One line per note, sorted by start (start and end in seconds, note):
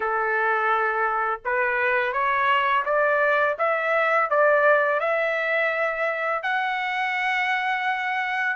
0.00 1.41 A4
1.44 2.12 B4
2.12 2.84 C#5
2.85 3.56 D5
3.58 4.30 E5
4.30 5.00 D5
5.00 6.43 E5
6.43 8.56 F#5